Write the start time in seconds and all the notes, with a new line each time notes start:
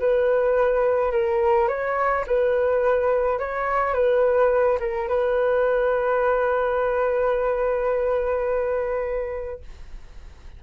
0.00 B4
1.12 A#4
1.69 C#5
2.27 B4
3.40 C#5
3.94 B4
4.80 A#4
5.09 B4